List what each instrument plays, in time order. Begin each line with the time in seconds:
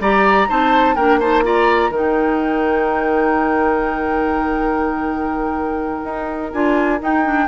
0.00 bassoon G3, clarinet G4, oboe D5, flute A#5
0.48 bassoon C4, clarinet D#4, oboe C5, flute A5
0.95 bassoon A#3, clarinet D4, oboe A#4, flute G5
1.20 clarinet D#4, oboe C5, flute A5
1.43 clarinet F4, oboe D5, flute A#5
1.90 bassoon D#3, clarinet D#4, oboe A#4, flute G5
6.04 bassoon D#4
6.52 bassoon D4, clarinet F4, flute G#5
7.00 clarinet D#4, bassoon D#4, flute G5
7.24 clarinet D4